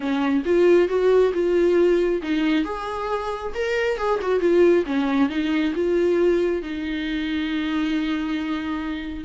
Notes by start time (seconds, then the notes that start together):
0.00 C#4
0.45 F4
0.88 F#4
1.33 F4
2.22 D#4
2.64 G#4
3.54 A#4
3.97 G#4
4.21 F#4
4.40 F4
4.85 C#4
5.29 D#4
5.74 F4
6.62 D#4